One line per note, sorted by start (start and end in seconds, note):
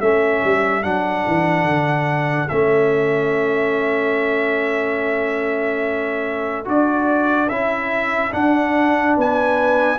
0.00 0.43 A3
0.00 0.82 C#4
0.00 9.16 A4
0.00 0.83 E5
0.44 0.84 G3
0.82 1.26 F#3
0.82 2.49 D4
0.82 2.49 F#5
1.27 1.64 E3
1.64 2.47 D3
2.49 6.67 A3
2.49 6.64 C#4
2.49 6.65 E5
6.64 7.50 D4
6.64 7.48 F#4
6.64 7.49 D5
7.49 8.33 C#4
7.49 8.31 E4
7.49 8.32 E5
8.31 9.98 D4
8.31 9.16 D4
8.31 9.16 F#5
9.16 9.98 B3
9.16 9.98 B4
9.16 9.98 G#5